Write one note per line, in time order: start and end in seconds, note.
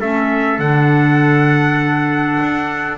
0.00 0.58 A3
0.00 0.60 C#4
0.00 2.97 A4
0.00 0.59 E5
0.58 2.39 D3
0.58 2.97 D4
0.58 2.97 F#5
2.40 2.97 D4